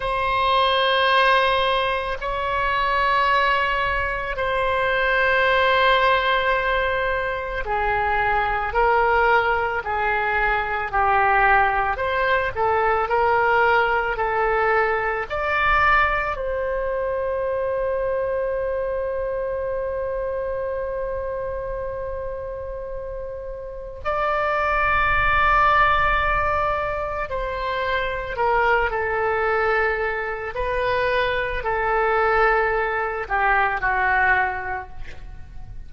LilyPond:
\new Staff \with { instrumentName = "oboe" } { \time 4/4 \tempo 4 = 55 c''2 cis''2 | c''2. gis'4 | ais'4 gis'4 g'4 c''8 a'8 | ais'4 a'4 d''4 c''4~ |
c''1~ | c''2 d''2~ | d''4 c''4 ais'8 a'4. | b'4 a'4. g'8 fis'4 | }